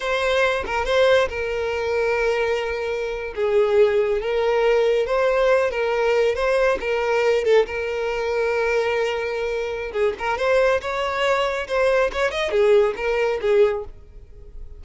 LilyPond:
\new Staff \with { instrumentName = "violin" } { \time 4/4 \tempo 4 = 139 c''4. ais'8 c''4 ais'4~ | ais'2.~ ais'8. gis'16~ | gis'4.~ gis'16 ais'2 c''16~ | c''4~ c''16 ais'4. c''4 ais'16~ |
ais'4~ ais'16 a'8 ais'2~ ais'16~ | ais'2. gis'8 ais'8 | c''4 cis''2 c''4 | cis''8 dis''8 gis'4 ais'4 gis'4 | }